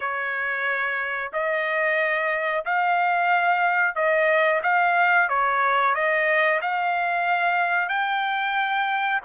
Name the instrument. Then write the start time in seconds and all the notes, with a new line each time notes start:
trumpet
0.00 C#5
1.32 D#5
2.65 F5
3.95 D#5
4.62 F5
5.28 C#5
5.94 D#5
6.61 F5
7.88 G5